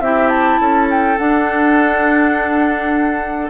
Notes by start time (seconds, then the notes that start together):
0.00 C4 E4 G4 E5
0.29 A5
0.60 C#4 A4
0.90 G5
1.17 D4 F#5